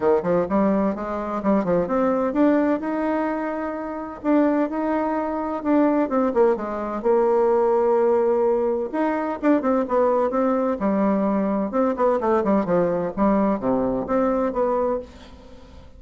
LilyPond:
\new Staff \with { instrumentName = "bassoon" } { \time 4/4 \tempo 4 = 128 dis8 f8 g4 gis4 g8 f8 | c'4 d'4 dis'2~ | dis'4 d'4 dis'2 | d'4 c'8 ais8 gis4 ais4~ |
ais2. dis'4 | d'8 c'8 b4 c'4 g4~ | g4 c'8 b8 a8 g8 f4 | g4 c4 c'4 b4 | }